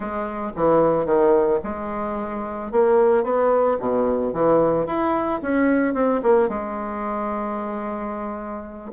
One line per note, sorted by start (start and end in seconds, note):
0.00 0.51 G#3
0.56 1.05 E3
1.05 1.59 D#3
1.63 2.71 G#3
2.71 3.23 A#3
3.23 3.77 B3
3.79 4.33 B2
4.33 4.86 E3
4.86 5.40 E4
5.42 5.94 C#4
5.94 6.21 C4
6.22 6.48 A#3
6.48 8.92 G#3